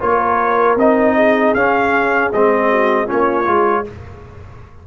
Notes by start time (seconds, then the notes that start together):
0.00 A#3 F4 A#4 C#5
0.76 C4 D#4 D#5
1.15 G#4
1.54 C#4 F5
2.33 G#3 C4 D#5
2.70 F#4
3.05 C#4 F4 C#5
3.12 A#3
3.46 G#3 F4